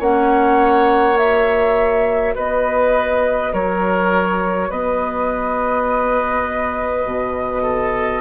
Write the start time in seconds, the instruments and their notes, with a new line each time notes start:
0.00 bassoon A#3, clarinet C#4, oboe C#5, flute F#5
1.17 clarinet F#4, flute E5
2.35 bassoon B3, oboe B4, flute D#5
3.53 bassoon F#3, oboe A#4, flute C#5
4.70 bassoon B3, oboe B4, flute D#5
7.06 bassoon B2
7.63 oboe A4